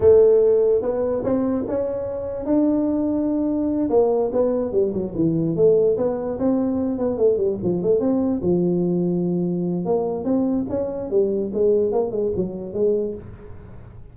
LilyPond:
\new Staff \with { instrumentName = "tuba" } { \time 4/4 \tempo 4 = 146 a2 b4 c'4 | cis'2 d'2~ | d'4. ais4 b4 g8 | fis8 e4 a4 b4 c'8~ |
c'4 b8 a8 g8 f8 a8 c'8~ | c'8 f2.~ f8 | ais4 c'4 cis'4 g4 | gis4 ais8 gis8 fis4 gis4 | }